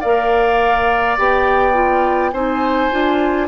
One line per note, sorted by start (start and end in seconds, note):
0.00 1.18 A#3
0.00 1.18 A#4
0.00 2.31 D5
0.00 1.16 F5
1.18 2.32 B3
1.18 1.73 G4
1.18 2.32 G5
1.73 2.31 F4
2.32 2.90 C4
2.32 2.91 D#4
2.32 3.47 C5
2.32 3.47 G#5
2.91 3.47 D4
2.91 3.47 F4